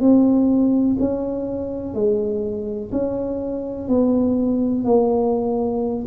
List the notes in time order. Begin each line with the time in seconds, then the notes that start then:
0.00 C4
0.99 C#4
1.94 G#3
2.92 C#4
3.88 B3
4.84 A#3